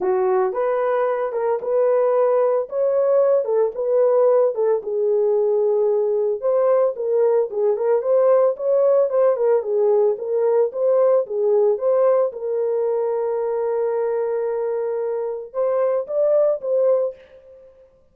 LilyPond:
\new Staff \with { instrumentName = "horn" } { \time 4/4 \tempo 4 = 112 fis'4 b'4. ais'8 b'4~ | b'4 cis''4. a'8 b'4~ | b'8 a'8 gis'2. | c''4 ais'4 gis'8 ais'8 c''4 |
cis''4 c''8 ais'8 gis'4 ais'4 | c''4 gis'4 c''4 ais'4~ | ais'1~ | ais'4 c''4 d''4 c''4 | }